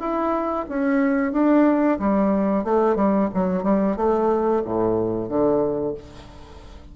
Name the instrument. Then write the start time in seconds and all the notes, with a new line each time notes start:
bassoon
0.00 E4
0.69 C#4
1.33 D4
2.00 G3
2.64 A3
2.96 G3
3.34 F#3
3.64 G3
3.97 A3
4.65 A2
5.29 D3